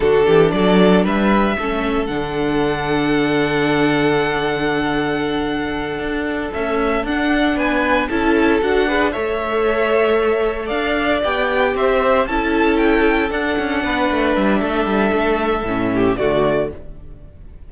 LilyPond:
<<
  \new Staff \with { instrumentName = "violin" } { \time 4/4 \tempo 4 = 115 a'4 d''4 e''2 | fis''1~ | fis''1~ | fis''8 e''4 fis''4 gis''4 a''8~ |
a''8 fis''4 e''2~ e''8~ | e''8 f''4 g''4 e''4 a''8~ | a''8 g''4 fis''2 e''8~ | e''2. d''4 | }
  \new Staff \with { instrumentName = "violin" } { \time 4/4 fis'8 g'8 a'4 b'4 a'4~ | a'1~ | a'1~ | a'2~ a'8 b'4 a'8~ |
a'4 b'8 cis''2~ cis''8~ | cis''8 d''2 c''4 a'8~ | a'2~ a'8 b'4. | a'2~ a'8 g'8 fis'4 | }
  \new Staff \with { instrumentName = "viola" } { \time 4/4 d'2. cis'4 | d'1~ | d'1~ | d'8 a4 d'2 e'8~ |
e'8 fis'8 gis'8 a'2~ a'8~ | a'4. g'2 e'8~ | e'4. d'2~ d'8~ | d'2 cis'4 a4 | }
  \new Staff \with { instrumentName = "cello" } { \time 4/4 d8 e8 fis4 g4 a4 | d1~ | d2.~ d8 d'8~ | d'8 cis'4 d'4 b4 cis'8~ |
cis'8 d'4 a2~ a8~ | a8 d'4 b4 c'4 cis'8~ | cis'4. d'8 cis'8 b8 a8 g8 | a8 g8 a4 a,4 d4 | }
>>